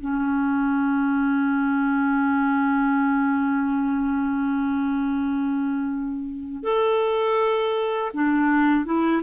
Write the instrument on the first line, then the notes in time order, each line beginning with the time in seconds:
clarinet
0.00 C#4
6.63 A4
8.14 D4
8.85 E4